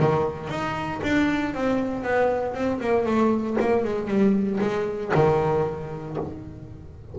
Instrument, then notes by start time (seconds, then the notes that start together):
double bass
0.00 D#3
0.49 D#4
1.03 D4
1.55 C4
2.04 B3
2.54 C4
2.80 A#3
3.06 A3
3.60 A#3
3.85 G#3
4.08 G3
4.61 G#3
5.15 D#3